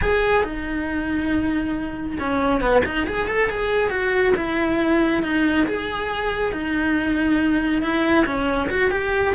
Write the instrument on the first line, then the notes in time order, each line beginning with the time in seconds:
cello
0.01 G#4
0.43 D#4
2.19 C#4
2.60 B3
2.85 D#4
3.06 G#4
3.27 A4
3.49 G#4
3.90 F#4
4.35 E4
5.22 D#4
5.66 G#4
6.52 D#4
7.81 E4
8.25 C#4
8.69 F#4
8.90 G4